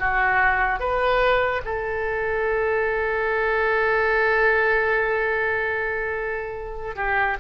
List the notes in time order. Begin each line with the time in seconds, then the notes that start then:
0.00 F#4
0.80 B4
1.65 A4
6.96 G4